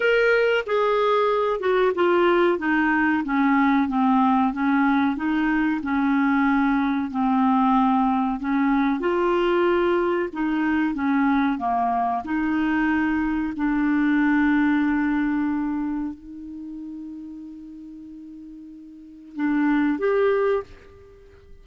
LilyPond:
\new Staff \with { instrumentName = "clarinet" } { \time 4/4 \tempo 4 = 93 ais'4 gis'4. fis'8 f'4 | dis'4 cis'4 c'4 cis'4 | dis'4 cis'2 c'4~ | c'4 cis'4 f'2 |
dis'4 cis'4 ais4 dis'4~ | dis'4 d'2.~ | d'4 dis'2.~ | dis'2 d'4 g'4 | }